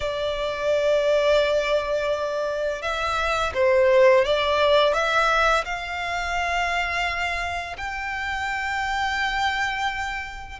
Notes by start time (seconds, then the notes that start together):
0.00 D5
2.82 E5
3.54 C5
4.24 D5
4.93 E5
5.64 F5
7.77 G5